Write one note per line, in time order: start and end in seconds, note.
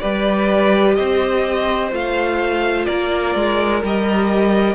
0.00 0.99 G3
0.00 1.91 G4
0.00 0.97 B4
0.00 0.94 D5
0.94 1.92 C4
0.94 2.87 C5
0.94 1.90 D#5
1.91 2.87 A3
1.91 3.81 F4
1.91 2.86 F5
2.86 3.35 A#3
2.86 4.75 A#4
2.86 3.81 D5
3.35 3.83 G#3
3.83 4.75 G3
3.83 4.75 G4
3.83 4.75 D#5